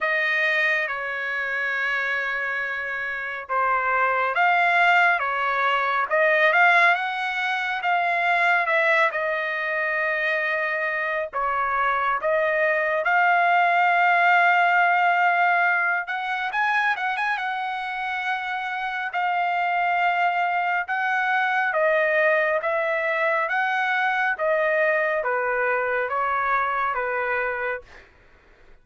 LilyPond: \new Staff \with { instrumentName = "trumpet" } { \time 4/4 \tempo 4 = 69 dis''4 cis''2. | c''4 f''4 cis''4 dis''8 f''8 | fis''4 f''4 e''8 dis''4.~ | dis''4 cis''4 dis''4 f''4~ |
f''2~ f''8 fis''8 gis''8 fis''16 gis''16 | fis''2 f''2 | fis''4 dis''4 e''4 fis''4 | dis''4 b'4 cis''4 b'4 | }